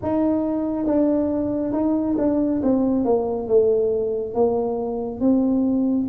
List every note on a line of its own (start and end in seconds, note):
0.02 0.85 D#4
0.85 1.72 D4
1.72 2.16 D#4
2.17 2.61 D4
2.62 3.04 C4
3.04 3.47 A#3
3.47 4.34 A3
4.34 5.20 A#3
5.20 6.07 C4